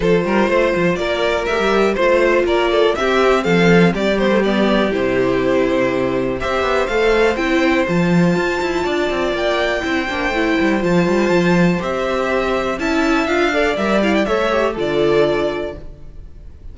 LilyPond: <<
  \new Staff \with { instrumentName = "violin" } { \time 4/4 \tempo 4 = 122 c''2 d''4 e''4 | c''4 d''4 e''4 f''4 | d''8 c''8 d''4 c''2~ | c''4 e''4 f''4 g''4 |
a''2. g''4~ | g''2 a''2 | e''2 a''4 f''4 | e''8 f''16 g''16 e''4 d''2 | }
  \new Staff \with { instrumentName = "violin" } { \time 4/4 a'8 ais'8 c''4 ais'2 | c''4 ais'8 a'8 g'4 a'4 | g'1~ | g'4 c''2.~ |
c''2 d''2 | c''1~ | c''2 e''4. d''8~ | d''4 cis''4 a'2 | }
  \new Staff \with { instrumentName = "viola" } { \time 4/4 f'2. g'4 | f'2 c'2~ | c'8 b16 a16 b4 e'2~ | e'4 g'4 a'4 e'4 |
f'1 | e'8 d'8 e'4 f'2 | g'2 e'4 f'8 a'8 | ais'8 e'8 a'8 g'8 f'2 | }
  \new Staff \with { instrumentName = "cello" } { \time 4/4 f8 g8 a8 f8 ais4 a16 g8. | a4 ais4 c'4 f4 | g2 c2~ | c4 c'8 b8 a4 c'4 |
f4 f'8 e'8 d'8 c'8 ais4 | c'8 ais8 a8 g8 f8 g8 f4 | c'2 cis'4 d'4 | g4 a4 d2 | }
>>